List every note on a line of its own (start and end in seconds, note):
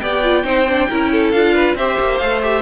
0.00 0.45 B3
0.00 0.24 G4
0.00 0.44 D5
0.00 1.31 G5
0.24 0.44 F4
0.44 0.88 C4
0.44 0.66 D#4
0.44 0.88 C5
0.69 0.91 D4
0.89 1.33 C#4
0.89 1.34 E4
0.89 1.11 A#4
1.11 1.55 A4
1.31 1.75 D4
1.31 1.78 F4
1.31 1.75 F5
1.55 1.77 B4
1.75 1.97 C4
1.75 2.21 G4
1.75 2.62 C5
1.75 2.18 E5
2.00 2.20 A#3
2.18 2.62 A3
2.18 2.42 A4
2.18 2.40 F5
2.42 2.62 G4
2.42 2.62 E5